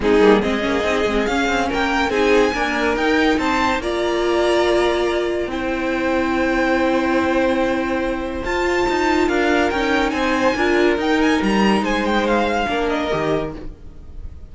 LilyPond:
<<
  \new Staff \with { instrumentName = "violin" } { \time 4/4 \tempo 4 = 142 gis'4 dis''2 f''4 | g''4 gis''2 g''4 | a''4 ais''2.~ | ais''4 g''2.~ |
g''1 | a''2 f''4 g''4 | gis''2 g''8 gis''8 ais''4 | gis''8 g''8 f''4. dis''4. | }
  \new Staff \with { instrumentName = "violin" } { \time 4/4 dis'4 gis'2. | ais'4 gis'4 ais'2 | c''4 d''2.~ | d''4 c''2.~ |
c''1~ | c''2 ais'2 | c''4 ais'2. | c''2 ais'2 | }
  \new Staff \with { instrumentName = "viola" } { \time 4/4 c'8 ais8 c'8 cis'8 dis'8 c'8 cis'4~ | cis'4 dis'4 ais4 dis'4~ | dis'4 f'2.~ | f'4 e'2.~ |
e'1 | f'2. dis'4~ | dis'4 f'4 dis'2~ | dis'2 d'4 g'4 | }
  \new Staff \with { instrumentName = "cello" } { \time 4/4 gis8 g8 gis8 ais8 c'8 gis8 cis'8 c'8 | ais4 c'4 d'4 dis'4 | c'4 ais2.~ | ais4 c'2.~ |
c'1 | f'4 dis'4 d'4 cis'4 | c'4 d'4 dis'4 g4 | gis2 ais4 dis4 | }
>>